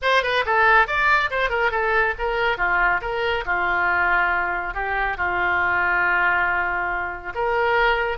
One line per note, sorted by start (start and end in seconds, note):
0.01 0.22 C5
0.22 0.44 B4
0.45 0.87 A4
0.87 1.30 D5
1.30 1.49 C5
1.49 1.71 A#4
1.71 2.14 A4
2.18 2.57 A#4
2.57 3.00 F4
3.01 3.44 A#4
3.45 4.73 F4
4.73 5.17 G4
5.17 7.33 F4
7.34 8.17 A#4